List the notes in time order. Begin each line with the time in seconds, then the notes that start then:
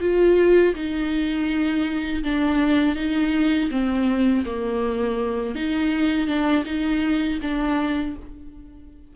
0.00 F4
0.75 D#4
2.23 D4
2.95 D#4
3.70 C4
4.45 A#3
5.55 D#4
6.27 D4
6.65 D#4
7.41 D4